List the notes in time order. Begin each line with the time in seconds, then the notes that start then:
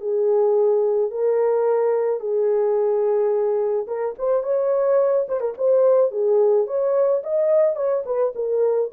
0.00 G#4
1.10 A#4
2.19 G#4
3.87 A#4
4.18 C5
4.43 C#5
5.28 C5
5.40 A#4
5.57 C5
6.11 G#4
6.66 C#5
7.23 D#5
7.76 C#5
8.05 B4
8.35 A#4